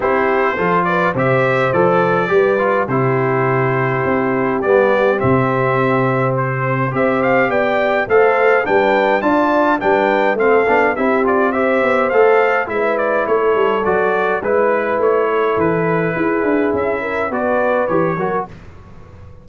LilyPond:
<<
  \new Staff \with { instrumentName = "trumpet" } { \time 4/4 \tempo 4 = 104 c''4. d''8 e''4 d''4~ | d''4 c''2. | d''4 e''2 c''4 | e''8 f''8 g''4 f''4 g''4 |
a''4 g''4 f''4 e''8 d''8 | e''4 f''4 e''8 d''8 cis''4 | d''4 b'4 cis''4 b'4~ | b'4 e''4 d''4 cis''4 | }
  \new Staff \with { instrumentName = "horn" } { \time 4/4 g'4 a'8 b'8 c''2 | b'4 g'2.~ | g'1 | c''4 d''4 c''4 b'4 |
d''4 b'4 a'4 g'4 | c''2 b'4 a'4~ | a'4 b'4. a'4. | gis'4. ais'8 b'4. ais'8 | }
  \new Staff \with { instrumentName = "trombone" } { \time 4/4 e'4 f'4 g'4 a'4 | g'8 f'8 e'2. | b4 c'2. | g'2 a'4 d'4 |
f'4 d'4 c'8 d'8 e'8 f'8 | g'4 a'4 e'2 | fis'4 e'2.~ | e'2 fis'4 g'8 fis'8 | }
  \new Staff \with { instrumentName = "tuba" } { \time 4/4 c'4 f4 c4 f4 | g4 c2 c'4 | g4 c2. | c'4 b4 a4 g4 |
d'4 g4 a8 b8 c'4~ | c'8 b8 a4 gis4 a8 g8 | fis4 gis4 a4 e4 | e'8 d'8 cis'4 b4 e8 fis8 | }
>>